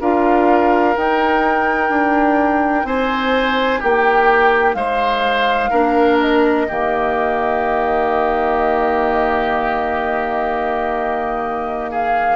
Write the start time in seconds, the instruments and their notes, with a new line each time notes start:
0.00 bassoon D4, clarinet F4, oboe A#4, flute F5
0.95 clarinet D#4, bassoon D#4, flute G5
1.89 bassoon D4
2.84 bassoon C4, oboe C5, flute G#5
3.80 bassoon A#3, oboe G4, flute G5
4.74 bassoon G#3, oboe C5, flute F5
5.70 bassoon A#3, clarinet D4, oboe A#4
6.20 flute D#5
6.68 bassoon D#3, clarinet A#3, oboe G4
11.90 oboe G#4, flute F5